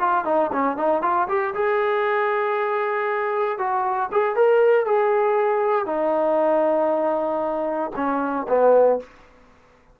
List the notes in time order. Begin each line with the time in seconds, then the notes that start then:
0.00 F4
0.25 D#4
0.53 C#4
0.77 D#4
1.02 F4
1.29 G4
1.55 G#4
3.59 F#4
4.12 G#4
4.36 A#4
4.86 G#4
5.86 D#4
7.96 C#4
8.48 B3